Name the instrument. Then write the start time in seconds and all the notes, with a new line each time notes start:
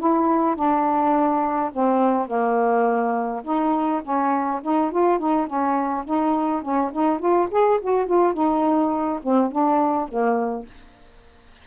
saxophone
0.00 E4
0.56 D4
1.73 C4
2.28 A#3
3.44 D#4
4.04 C#4
4.63 D#4
4.92 F4
5.19 D#4
5.47 C#4
6.05 D#4
6.62 C#4
6.93 D#4
7.20 F4
7.51 G#4
7.82 F#4
8.07 F4
8.34 D#4
9.23 C4
9.52 D4
10.09 A#3